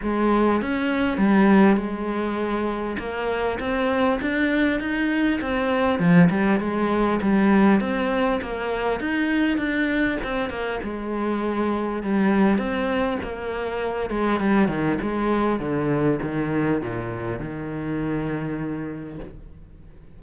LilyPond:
\new Staff \with { instrumentName = "cello" } { \time 4/4 \tempo 4 = 100 gis4 cis'4 g4 gis4~ | gis4 ais4 c'4 d'4 | dis'4 c'4 f8 g8 gis4 | g4 c'4 ais4 dis'4 |
d'4 c'8 ais8 gis2 | g4 c'4 ais4. gis8 | g8 dis8 gis4 d4 dis4 | ais,4 dis2. | }